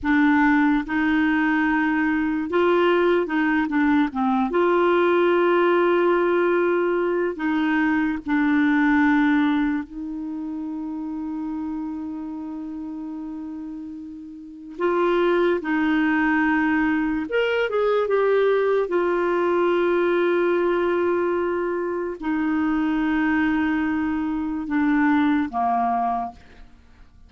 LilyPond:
\new Staff \with { instrumentName = "clarinet" } { \time 4/4 \tempo 4 = 73 d'4 dis'2 f'4 | dis'8 d'8 c'8 f'2~ f'8~ | f'4 dis'4 d'2 | dis'1~ |
dis'2 f'4 dis'4~ | dis'4 ais'8 gis'8 g'4 f'4~ | f'2. dis'4~ | dis'2 d'4 ais4 | }